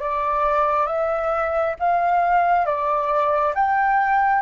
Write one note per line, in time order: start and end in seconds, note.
0.00 0.87 D5
0.87 1.75 E5
1.80 2.66 F5
2.66 3.54 D5
3.55 4.42 G5